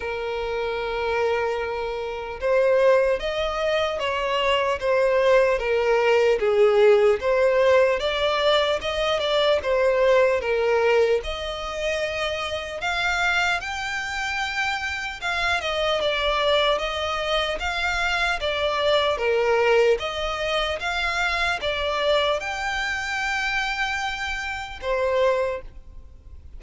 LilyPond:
\new Staff \with { instrumentName = "violin" } { \time 4/4 \tempo 4 = 75 ais'2. c''4 | dis''4 cis''4 c''4 ais'4 | gis'4 c''4 d''4 dis''8 d''8 | c''4 ais'4 dis''2 |
f''4 g''2 f''8 dis''8 | d''4 dis''4 f''4 d''4 | ais'4 dis''4 f''4 d''4 | g''2. c''4 | }